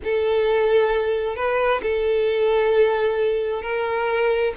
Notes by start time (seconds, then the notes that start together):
0.04 A4
1.35 B4
1.82 A4
3.62 A#4